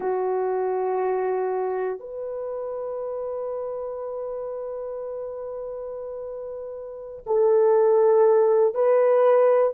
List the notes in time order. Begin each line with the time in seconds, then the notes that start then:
0.00 F#4
1.99 B4
7.26 A4
8.74 B4